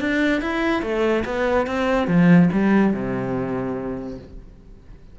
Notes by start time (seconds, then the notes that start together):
0.00 D4
0.41 E4
0.82 A3
1.25 B3
1.66 C4
2.07 F3
2.52 G3
2.93 C3